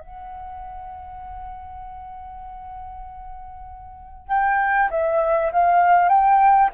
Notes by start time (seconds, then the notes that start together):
0.00 F#5
4.28 G5
4.91 E5
5.53 F5
6.09 G5